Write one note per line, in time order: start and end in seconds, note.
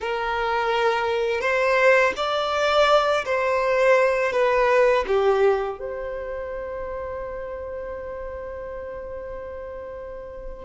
0.00 1.40 A#4
1.40 2.13 C5
2.16 3.24 D5
3.25 4.32 C5
4.32 5.04 B4
5.07 5.79 G4
5.79 10.65 C5